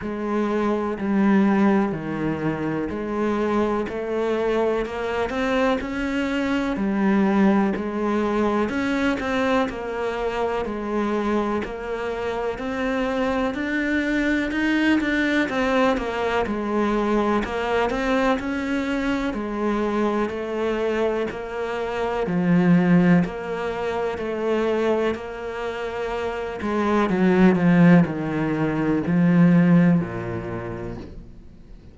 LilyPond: \new Staff \with { instrumentName = "cello" } { \time 4/4 \tempo 4 = 62 gis4 g4 dis4 gis4 | a4 ais8 c'8 cis'4 g4 | gis4 cis'8 c'8 ais4 gis4 | ais4 c'4 d'4 dis'8 d'8 |
c'8 ais8 gis4 ais8 c'8 cis'4 | gis4 a4 ais4 f4 | ais4 a4 ais4. gis8 | fis8 f8 dis4 f4 ais,4 | }